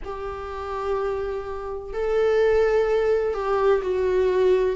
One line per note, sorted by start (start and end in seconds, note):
0.04 1.93 G4
1.93 3.33 A4
3.33 3.81 G4
3.81 4.76 F#4